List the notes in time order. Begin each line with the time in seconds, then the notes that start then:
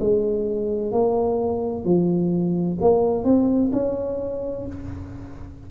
0.00 G#3
0.92 A#3
1.85 F3
2.81 A#3
3.25 C4
3.73 C#4